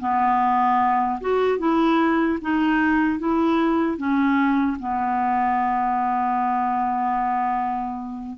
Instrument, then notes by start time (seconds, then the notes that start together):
clarinet
0.00 B3
1.21 F#4
1.59 E4
2.41 D#4
3.19 E4
3.98 C#4
4.80 B3